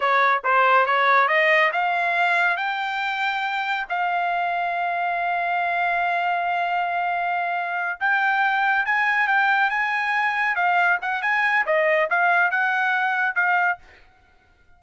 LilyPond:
\new Staff \with { instrumentName = "trumpet" } { \time 4/4 \tempo 4 = 139 cis''4 c''4 cis''4 dis''4 | f''2 g''2~ | g''4 f''2.~ | f''1~ |
f''2~ f''8 g''4.~ | g''8 gis''4 g''4 gis''4.~ | gis''8 f''4 fis''8 gis''4 dis''4 | f''4 fis''2 f''4 | }